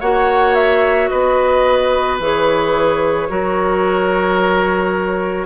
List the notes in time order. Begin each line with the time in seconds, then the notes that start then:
0.00 A#3 F#4 C#5 F#5
0.55 E5
1.08 B3 B4 D#5
2.19 E3 G#4 C#5
3.29 F#3 F#4 A#4